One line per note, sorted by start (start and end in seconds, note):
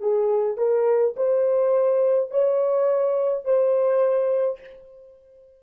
0.00 0.57 G#4
0.57 1.15 A#4
1.16 2.30 C5
2.30 3.45 C#5
3.45 4.60 C5